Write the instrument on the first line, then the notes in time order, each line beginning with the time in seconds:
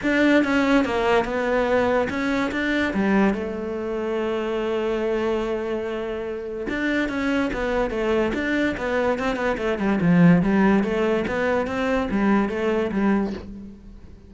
cello
0.02 D4
0.44 C#4
0.84 A#3
1.24 B3
2.09 C#4
2.51 D4
2.93 G3
3.33 A3
6.69 D4
7.08 C#4
7.53 B3
7.90 A3
8.34 D4
8.77 B3
9.18 C4
9.36 B3
9.57 A3
9.78 G3
10.01 F3
10.42 G3
10.83 A3
11.27 B3
11.66 C4
12.11 G3
12.49 A3
12.91 G3